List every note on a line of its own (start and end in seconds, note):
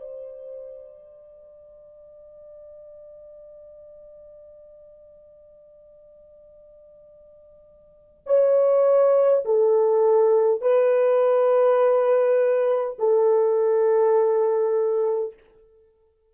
0.00 8.24 D5
8.26 9.44 C#5
9.45 10.61 A4
10.61 12.97 B4
12.98 15.34 A4